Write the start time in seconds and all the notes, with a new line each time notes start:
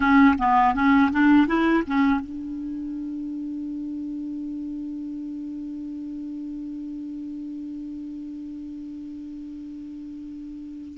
0.00 C#4
0.38 B3
0.74 C#4
1.11 D4
1.47 E4
1.86 C#4
2.20 D4